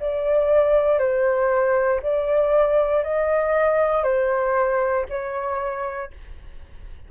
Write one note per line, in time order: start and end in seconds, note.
0.00 0.98 D5
0.98 2.00 C5
2.02 3.03 D5
3.03 4.04 D#5
4.04 5.05 C5
5.09 6.11 C#5